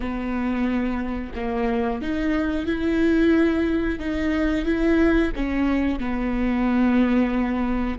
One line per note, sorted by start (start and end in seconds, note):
0.00 1.32 B3
1.35 2.01 A#3
2.01 2.66 D#4
2.66 3.99 E4
3.99 4.65 D#4
4.65 5.32 E4
5.35 5.99 C#4
5.99 7.98 B3